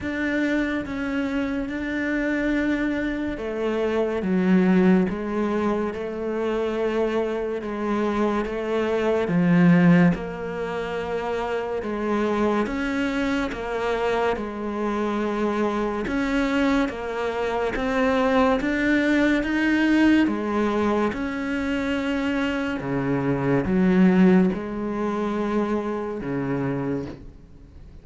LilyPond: \new Staff \with { instrumentName = "cello" } { \time 4/4 \tempo 4 = 71 d'4 cis'4 d'2 | a4 fis4 gis4 a4~ | a4 gis4 a4 f4 | ais2 gis4 cis'4 |
ais4 gis2 cis'4 | ais4 c'4 d'4 dis'4 | gis4 cis'2 cis4 | fis4 gis2 cis4 | }